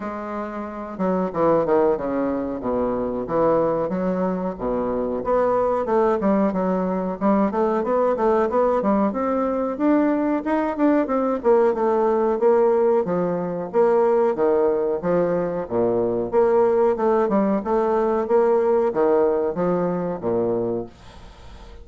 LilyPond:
\new Staff \with { instrumentName = "bassoon" } { \time 4/4 \tempo 4 = 92 gis4. fis8 e8 dis8 cis4 | b,4 e4 fis4 b,4 | b4 a8 g8 fis4 g8 a8 | b8 a8 b8 g8 c'4 d'4 |
dis'8 d'8 c'8 ais8 a4 ais4 | f4 ais4 dis4 f4 | ais,4 ais4 a8 g8 a4 | ais4 dis4 f4 ais,4 | }